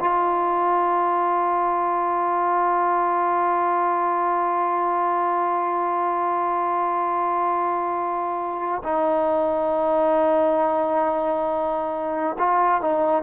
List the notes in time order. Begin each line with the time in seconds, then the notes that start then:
0.00 F4
8.83 D#4
12.39 F4
12.81 D#4